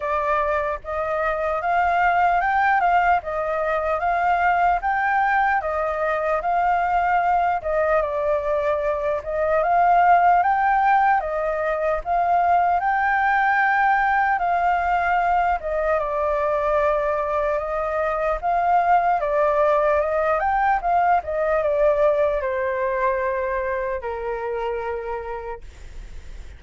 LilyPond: \new Staff \with { instrumentName = "flute" } { \time 4/4 \tempo 4 = 75 d''4 dis''4 f''4 g''8 f''8 | dis''4 f''4 g''4 dis''4 | f''4. dis''8 d''4. dis''8 | f''4 g''4 dis''4 f''4 |
g''2 f''4. dis''8 | d''2 dis''4 f''4 | d''4 dis''8 g''8 f''8 dis''8 d''4 | c''2 ais'2 | }